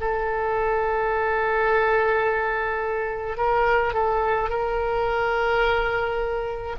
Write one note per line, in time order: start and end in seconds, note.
0.00 3.37 A4
3.37 3.93 A#4
3.93 4.49 A4
4.49 6.76 A#4